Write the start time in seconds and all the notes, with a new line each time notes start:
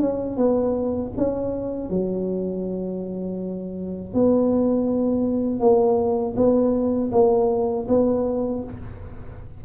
0.00 C#4
0.37 B3
1.17 C#4
1.90 F#3
4.14 B3
5.60 A#3
6.36 B3
7.12 A#3
7.89 B3